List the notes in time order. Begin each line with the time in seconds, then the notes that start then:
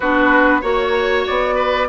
0.00 B3 D4 F#4 B4
0.61 A#3 F#4 C#5
1.26 B3 D5
1.55 B4